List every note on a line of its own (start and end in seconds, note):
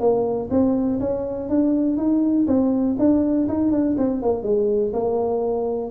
0.00 0.49 A#3
0.51 1.00 C4
1.00 1.49 C#4
1.49 1.97 D4
1.97 2.46 D#4
2.47 2.97 C4
2.99 3.48 D4
3.49 3.72 D#4
3.72 3.96 D4
3.98 4.22 C4
4.22 4.44 A#3
4.44 4.93 G#3
4.93 5.91 A#3